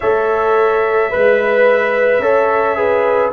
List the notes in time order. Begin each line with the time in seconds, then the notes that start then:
0.00 A3 A4 C#5 E5
1.10 G#3 B4
2.18 C#4 A4 C#5
2.76 G#4 B4